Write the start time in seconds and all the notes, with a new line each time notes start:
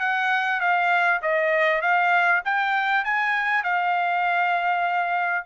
0.00 F#5
0.61 F5
1.22 D#5
1.82 F5
2.45 G5
3.04 G#5
3.64 F5